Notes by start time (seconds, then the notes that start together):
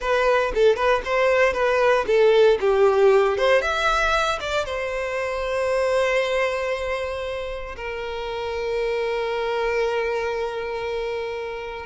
0.00 B4
0.54 A4
0.75 B4
1.04 C5
1.53 B4
2.06 A4
2.60 G4
3.37 C5
3.61 E5
4.39 D5
4.65 C5
7.76 A#4